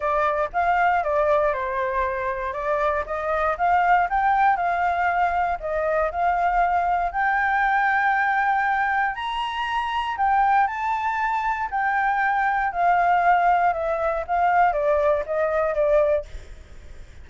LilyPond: \new Staff \with { instrumentName = "flute" } { \time 4/4 \tempo 4 = 118 d''4 f''4 d''4 c''4~ | c''4 d''4 dis''4 f''4 | g''4 f''2 dis''4 | f''2 g''2~ |
g''2 ais''2 | g''4 a''2 g''4~ | g''4 f''2 e''4 | f''4 d''4 dis''4 d''4 | }